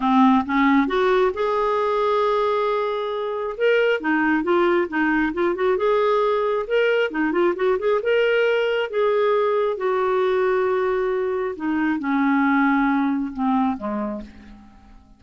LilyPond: \new Staff \with { instrumentName = "clarinet" } { \time 4/4 \tempo 4 = 135 c'4 cis'4 fis'4 gis'4~ | gis'1 | ais'4 dis'4 f'4 dis'4 | f'8 fis'8 gis'2 ais'4 |
dis'8 f'8 fis'8 gis'8 ais'2 | gis'2 fis'2~ | fis'2 dis'4 cis'4~ | cis'2 c'4 gis4 | }